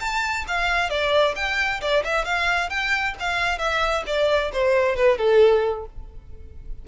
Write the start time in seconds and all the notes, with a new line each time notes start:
0.00 A5
0.48 F5
0.90 D5
1.35 G5
1.81 D5
2.04 E5
2.25 F5
2.69 G5
3.19 F5
3.58 E5
4.06 D5
4.53 C5
4.96 B4
5.18 A4